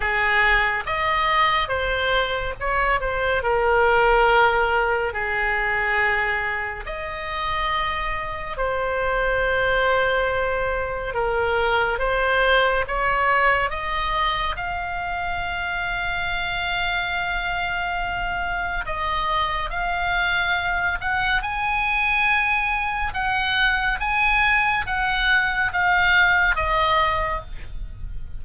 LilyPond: \new Staff \with { instrumentName = "oboe" } { \time 4/4 \tempo 4 = 70 gis'4 dis''4 c''4 cis''8 c''8 | ais'2 gis'2 | dis''2 c''2~ | c''4 ais'4 c''4 cis''4 |
dis''4 f''2.~ | f''2 dis''4 f''4~ | f''8 fis''8 gis''2 fis''4 | gis''4 fis''4 f''4 dis''4 | }